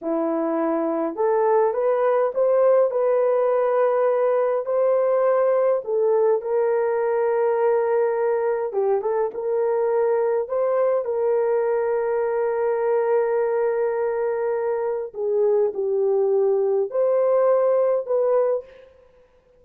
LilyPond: \new Staff \with { instrumentName = "horn" } { \time 4/4 \tempo 4 = 103 e'2 a'4 b'4 | c''4 b'2. | c''2 a'4 ais'4~ | ais'2. g'8 a'8 |
ais'2 c''4 ais'4~ | ais'1~ | ais'2 gis'4 g'4~ | g'4 c''2 b'4 | }